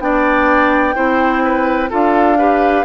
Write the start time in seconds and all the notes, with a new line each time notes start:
0.00 B3 D4 D5 G5
0.95 C4 E4 C5
1.44 B4
1.90 D4 F4 A4 F5
2.38 G4 B4